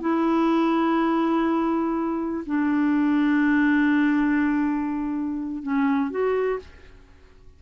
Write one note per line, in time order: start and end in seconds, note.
0.00 2.44 E4
2.45 5.62 D4
5.62 6.10 C#4
6.10 6.59 F#4